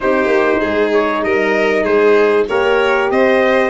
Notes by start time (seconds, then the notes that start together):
0.00 C4 D#4 G4 C5
0.26 A#3
0.60 G#3 G#4
0.93 C#5
1.23 G3 A#4 D#5
1.83 G#3 G#4 C5
2.48 A#3 G4 A#4 C#5
3.10 C4 C5 D#5